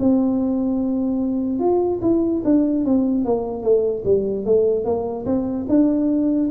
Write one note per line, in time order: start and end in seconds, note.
0.00 1.60 C4
1.60 2.00 F4
2.02 2.43 E4
2.45 2.85 D4
2.85 3.25 C4
3.25 3.63 A#3
3.63 4.04 A3
4.05 4.46 G3
4.46 4.85 A3
4.85 5.26 A#3
5.26 5.67 C4
5.69 6.50 D4